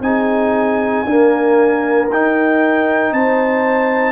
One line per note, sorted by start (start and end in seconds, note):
0.00 1.03 C4
0.00 1.06 D#4
0.00 1.06 G#4
0.00 2.08 G#5
1.05 2.10 A#3
1.05 2.08 D4
1.05 3.13 A#4
2.08 3.12 D#4
2.08 4.11 D#4
2.08 3.13 G5
3.12 4.11 C4
3.12 4.11 C5
3.12 4.11 A5